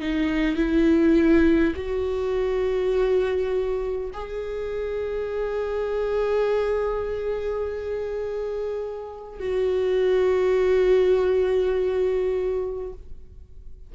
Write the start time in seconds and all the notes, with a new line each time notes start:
0.00 D#4
0.56 E4
1.75 F#4
4.13 G#4
9.40 F#4